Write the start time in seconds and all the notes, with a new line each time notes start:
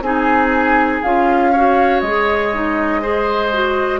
0.00 C4 D#4 G#4 G#5
1.02 C#4 F4 F5
1.52 F#4 C#5
2.00 G#3 G#4 D#5
2.53 D#4
3.01 G#4 C5
3.52 F#4